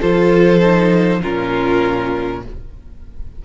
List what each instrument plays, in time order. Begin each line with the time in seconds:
0.00 cello F3, viola F4, violin A4 C5
0.60 viola D#4
1.22 cello A#2, viola C#4, violin F4 A#4